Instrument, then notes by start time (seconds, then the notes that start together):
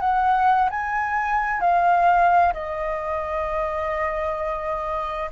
flute
0.00 F#5
0.70 G#5
1.61 F5
2.53 D#5